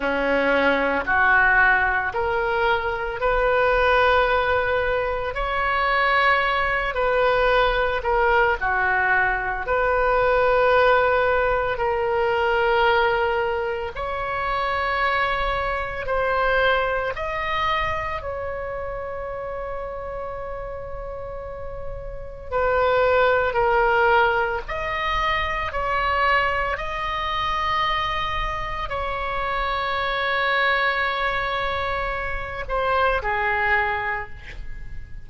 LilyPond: \new Staff \with { instrumentName = "oboe" } { \time 4/4 \tempo 4 = 56 cis'4 fis'4 ais'4 b'4~ | b'4 cis''4. b'4 ais'8 | fis'4 b'2 ais'4~ | ais'4 cis''2 c''4 |
dis''4 cis''2.~ | cis''4 b'4 ais'4 dis''4 | cis''4 dis''2 cis''4~ | cis''2~ cis''8 c''8 gis'4 | }